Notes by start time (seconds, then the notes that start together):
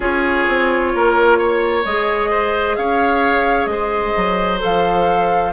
0.00 C#4 F4 G#4 C#5
0.48 C4
0.94 A#3 A#4
1.38 C#5
1.84 G#3 G#4 D#5
2.30 C5
2.76 C#4 C#5 F5
3.65 G#3 C5 D#5
4.16 F#3
4.59 F3 A4 F5